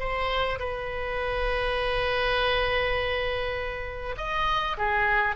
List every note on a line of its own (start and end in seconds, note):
0.00 0.59 C5
0.60 4.16 B4
4.18 4.77 D#5
4.78 5.36 G#4